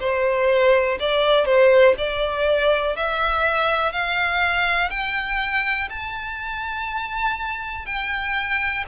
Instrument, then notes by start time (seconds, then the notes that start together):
violin
0.00 C5
1.00 D5
1.45 C5
1.98 D5
2.96 E5
3.92 F5
4.90 G5
5.90 A5
7.86 G5